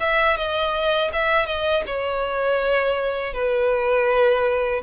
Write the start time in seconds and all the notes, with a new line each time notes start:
0.00 E5
0.37 D#5
1.13 E5
1.46 D#5
1.87 C#5
3.34 B4